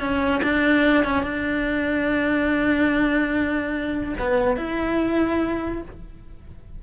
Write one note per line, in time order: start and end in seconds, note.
0.00 0.42 C#4
0.43 1.04 D4
1.04 1.23 C#4
1.23 4.15 D4
4.19 4.57 B3
4.57 5.82 E4